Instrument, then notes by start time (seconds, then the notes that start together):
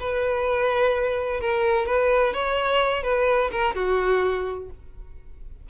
violin
0.00 B4
1.40 A#4
1.86 B4
2.33 C#5
3.03 B4
3.52 A#4
3.75 F#4